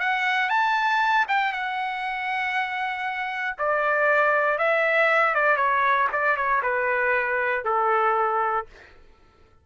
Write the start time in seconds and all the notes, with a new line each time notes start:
0.00 F#5
0.50 A5
1.28 G5
1.53 F#5
3.58 D5
4.58 E5
5.35 D5
5.57 C#5
6.12 D5
6.37 C#5
6.63 B4
7.65 A4